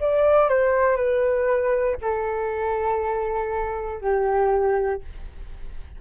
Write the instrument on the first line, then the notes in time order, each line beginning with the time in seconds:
flute
0.00 D5
0.49 C5
0.96 B4
2.02 A4
4.01 G4